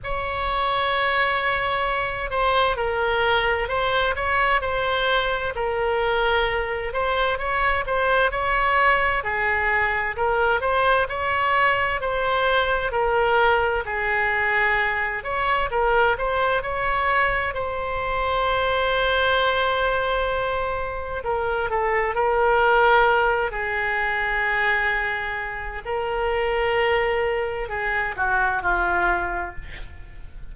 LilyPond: \new Staff \with { instrumentName = "oboe" } { \time 4/4 \tempo 4 = 65 cis''2~ cis''8 c''8 ais'4 | c''8 cis''8 c''4 ais'4. c''8 | cis''8 c''8 cis''4 gis'4 ais'8 c''8 | cis''4 c''4 ais'4 gis'4~ |
gis'8 cis''8 ais'8 c''8 cis''4 c''4~ | c''2. ais'8 a'8 | ais'4. gis'2~ gis'8 | ais'2 gis'8 fis'8 f'4 | }